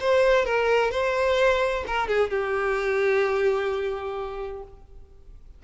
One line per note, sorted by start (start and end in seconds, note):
0.00 0.45 C5
0.45 0.91 A#4
0.91 1.84 C5
1.87 2.08 A#4
2.08 2.30 G#4
2.30 4.63 G4